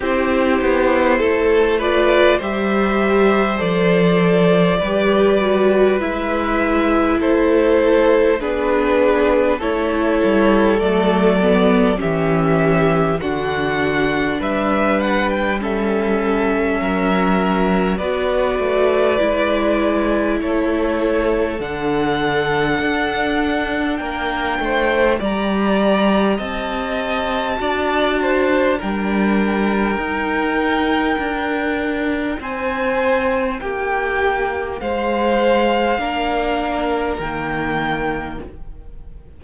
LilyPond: <<
  \new Staff \with { instrumentName = "violin" } { \time 4/4 \tempo 4 = 50 c''4. d''8 e''4 d''4~ | d''4 e''4 c''4 b'4 | cis''4 d''4 e''4 fis''4 | e''8 fis''16 g''16 e''2 d''4~ |
d''4 cis''4 fis''2 | g''4 ais''4 a''2 | g''2. gis''4 | g''4 f''2 g''4 | }
  \new Staff \with { instrumentName = "violin" } { \time 4/4 g'4 a'8 b'8 c''2 | b'2 a'4 gis'4 | a'2 g'4 fis'4 | b'4 a'4 ais'4 b'4~ |
b'4 a'2. | ais'8 c''8 d''4 dis''4 d''8 c''8 | ais'2. c''4 | g'4 c''4 ais'2 | }
  \new Staff \with { instrumentName = "viola" } { \time 4/4 e'4. f'8 g'4 a'4 | g'8 fis'8 e'2 d'4 | e'4 a8 b8 cis'4 d'4~ | d'4 cis'2 fis'4 |
e'2 d'2~ | d'4 g'2 fis'4 | d'4 dis'2.~ | dis'2 d'4 ais4 | }
  \new Staff \with { instrumentName = "cello" } { \time 4/4 c'8 b8 a4 g4 f4 | g4 gis4 a4 b4 | a8 g8 fis4 e4 d4 | g2 fis4 b8 a8 |
gis4 a4 d4 d'4 | ais8 a8 g4 c'4 d'4 | g4 dis'4 d'4 c'4 | ais4 gis4 ais4 dis4 | }
>>